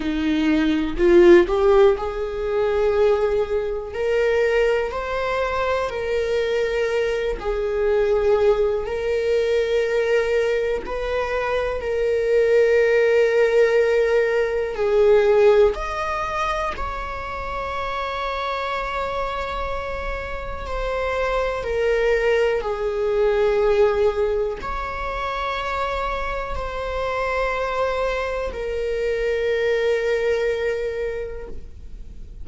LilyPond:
\new Staff \with { instrumentName = "viola" } { \time 4/4 \tempo 4 = 61 dis'4 f'8 g'8 gis'2 | ais'4 c''4 ais'4. gis'8~ | gis'4 ais'2 b'4 | ais'2. gis'4 |
dis''4 cis''2.~ | cis''4 c''4 ais'4 gis'4~ | gis'4 cis''2 c''4~ | c''4 ais'2. | }